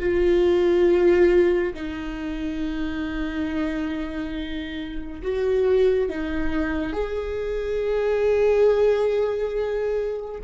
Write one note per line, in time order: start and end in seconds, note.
0.00 1.74 F4
1.74 5.22 D#4
5.22 6.09 F#4
6.09 6.93 D#4
6.93 10.41 G#4